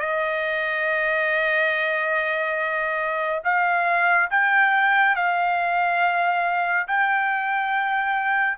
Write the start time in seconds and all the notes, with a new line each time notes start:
0.00 D#5
3.44 F5
4.31 G5
5.16 F5
6.88 G5